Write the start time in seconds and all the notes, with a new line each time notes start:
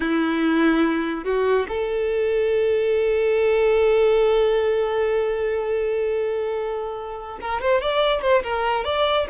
0.00 E4
1.24 F#4
1.68 A4
7.40 A#4
7.61 C5
7.81 D5
8.21 C5
8.43 A#4
8.84 D5